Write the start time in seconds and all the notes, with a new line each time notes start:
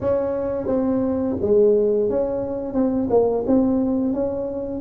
0.00 C#4
0.66 C4
1.41 G#3
2.09 C#4
2.74 C4
3.10 A#3
3.46 C4
4.13 C#4